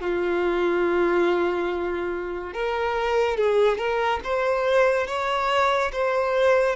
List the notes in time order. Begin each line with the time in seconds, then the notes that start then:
0.00 F4
2.53 A#4
3.36 G#4
3.77 A#4
4.23 C5
5.07 C#5
5.92 C5